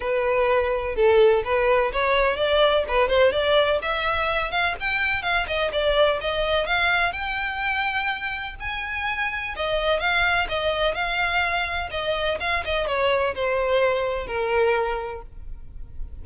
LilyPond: \new Staff \with { instrumentName = "violin" } { \time 4/4 \tempo 4 = 126 b'2 a'4 b'4 | cis''4 d''4 b'8 c''8 d''4 | e''4. f''8 g''4 f''8 dis''8 | d''4 dis''4 f''4 g''4~ |
g''2 gis''2 | dis''4 f''4 dis''4 f''4~ | f''4 dis''4 f''8 dis''8 cis''4 | c''2 ais'2 | }